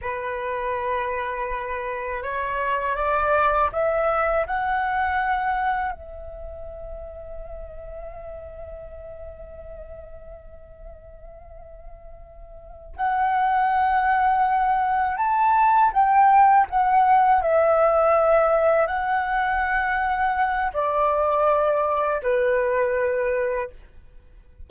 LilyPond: \new Staff \with { instrumentName = "flute" } { \time 4/4 \tempo 4 = 81 b'2. cis''4 | d''4 e''4 fis''2 | e''1~ | e''1~ |
e''4. fis''2~ fis''8~ | fis''8 a''4 g''4 fis''4 e''8~ | e''4. fis''2~ fis''8 | d''2 b'2 | }